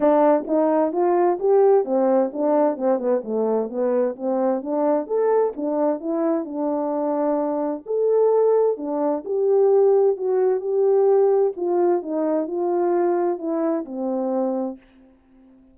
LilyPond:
\new Staff \with { instrumentName = "horn" } { \time 4/4 \tempo 4 = 130 d'4 dis'4 f'4 g'4 | c'4 d'4 c'8 b8 a4 | b4 c'4 d'4 a'4 | d'4 e'4 d'2~ |
d'4 a'2 d'4 | g'2 fis'4 g'4~ | g'4 f'4 dis'4 f'4~ | f'4 e'4 c'2 | }